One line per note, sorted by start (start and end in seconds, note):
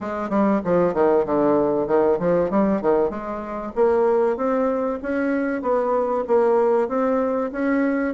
0.00 0.29 G#3
0.29 0.60 G3
0.64 0.94 F3
0.94 1.25 D#3
1.25 1.87 D3
1.87 2.18 D#3
2.19 2.50 F3
2.50 2.81 G3
2.81 3.10 D#3
3.10 3.72 G#3
3.75 4.36 A#3
4.36 4.99 C4
5.02 5.62 C#4
5.62 6.24 B3
6.27 6.88 A#3
6.88 7.51 C4
7.52 8.14 C#4